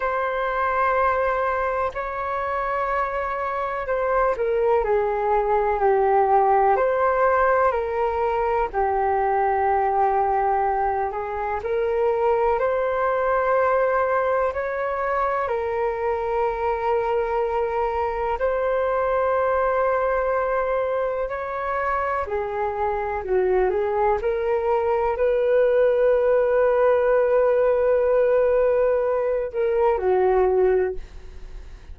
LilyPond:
\new Staff \with { instrumentName = "flute" } { \time 4/4 \tempo 4 = 62 c''2 cis''2 | c''8 ais'8 gis'4 g'4 c''4 | ais'4 g'2~ g'8 gis'8 | ais'4 c''2 cis''4 |
ais'2. c''4~ | c''2 cis''4 gis'4 | fis'8 gis'8 ais'4 b'2~ | b'2~ b'8 ais'8 fis'4 | }